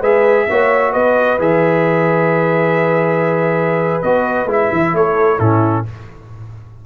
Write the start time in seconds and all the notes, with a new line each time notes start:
0.00 G#3 G#4 B4 E5
0.49 A#3 F#4 C#5
0.93 B3 B4 D#5
1.39 E3 G#4 E5
4.02 B3 F#4 D#5
4.46 G#3 E4
4.52 E5
4.72 E3
4.94 A3 A4 C#5
5.39 A2 C#4 E4 A4